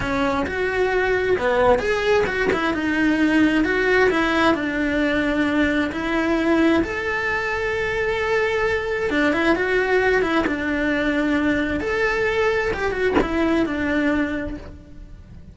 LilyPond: \new Staff \with { instrumentName = "cello" } { \time 4/4 \tempo 4 = 132 cis'4 fis'2 b4 | gis'4 fis'8 e'8 dis'2 | fis'4 e'4 d'2~ | d'4 e'2 a'4~ |
a'1 | d'8 e'8 fis'4. e'8 d'4~ | d'2 a'2 | g'8 fis'8 e'4 d'2 | }